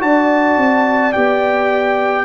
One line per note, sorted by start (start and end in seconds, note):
0.00 0.57 D4
0.00 1.13 F#4
0.00 2.25 D5
0.00 1.13 A5
0.57 1.14 C4
1.13 2.25 B3
1.13 2.25 G4
1.13 2.25 G5